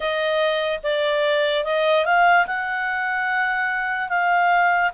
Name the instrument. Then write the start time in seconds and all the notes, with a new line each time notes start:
clarinet
0.00 D#5
0.83 D5
1.64 D#5
2.05 F5
2.47 F#5
4.09 F5